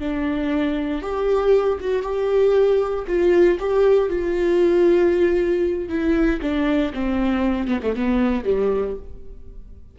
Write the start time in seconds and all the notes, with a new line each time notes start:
0.00 D4
1.02 G4
1.81 F#4
2.03 G4
3.07 F4
3.60 G4
4.10 F4
5.89 E4
6.42 D4
6.94 C4
7.68 B3
7.83 A3
7.96 B3
8.45 G3